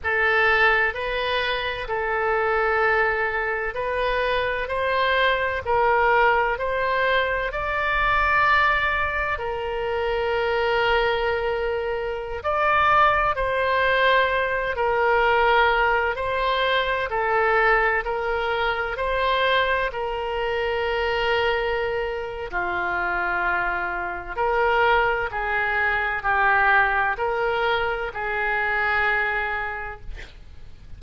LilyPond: \new Staff \with { instrumentName = "oboe" } { \time 4/4 \tempo 4 = 64 a'4 b'4 a'2 | b'4 c''4 ais'4 c''4 | d''2 ais'2~ | ais'4~ ais'16 d''4 c''4. ais'16~ |
ais'4~ ais'16 c''4 a'4 ais'8.~ | ais'16 c''4 ais'2~ ais'8. | f'2 ais'4 gis'4 | g'4 ais'4 gis'2 | }